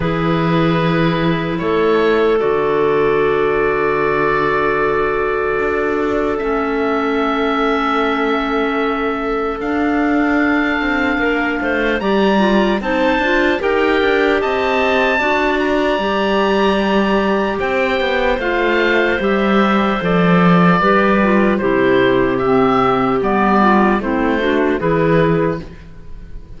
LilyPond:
<<
  \new Staff \with { instrumentName = "oboe" } { \time 4/4 \tempo 4 = 75 b'2 cis''4 d''4~ | d''1 | e''1 | f''2. ais''4 |
a''4 g''4 a''4. ais''8~ | ais''2 g''4 f''4 | e''4 d''2 c''4 | e''4 d''4 c''4 b'4 | }
  \new Staff \with { instrumentName = "clarinet" } { \time 4/4 gis'2 a'2~ | a'1~ | a'1~ | a'2 ais'8 c''8 d''4 |
c''4 ais'4 dis''4 d''4~ | d''2 c''2~ | c''2 b'4 g'4~ | g'4. f'8 e'8 fis'8 gis'4 | }
  \new Staff \with { instrumentName = "clarinet" } { \time 4/4 e'2. fis'4~ | fis'1 | cis'1 | d'2. g'8 f'8 |
dis'8 f'8 g'2 fis'4 | g'2. f'4 | g'4 a'4 g'8 f'8 e'4 | c'4 b4 c'8 d'8 e'4 | }
  \new Staff \with { instrumentName = "cello" } { \time 4/4 e2 a4 d4~ | d2. d'4 | a1 | d'4. c'8 ais8 a8 g4 |
c'8 d'8 dis'8 d'8 c'4 d'4 | g2 c'8 b8 a4 | g4 f4 g4 c4~ | c4 g4 a4 e4 | }
>>